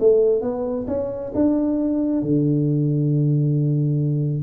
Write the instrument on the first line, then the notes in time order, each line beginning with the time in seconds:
tuba
0.00 A3
0.42 B3
0.88 C#4
1.35 D4
2.22 D3